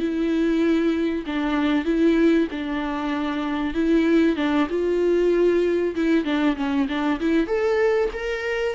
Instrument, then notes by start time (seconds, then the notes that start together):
viola
0.00 E4
1.27 D4
1.86 E4
2.51 D4
3.75 E4
4.36 D4
4.70 F4
5.96 E4
6.25 D4
6.57 C#4
6.89 D4
7.21 E4
7.47 A4
8.13 A#4